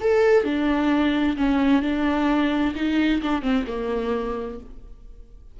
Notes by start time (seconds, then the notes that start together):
0.00 A4
0.44 D4
1.37 C#4
1.82 D4
2.75 D#4
3.22 D4
3.42 C4
3.67 A#3